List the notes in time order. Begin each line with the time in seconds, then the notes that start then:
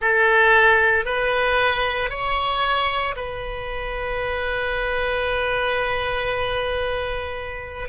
0.00 A4
1.05 B4
2.10 C#5
3.16 B4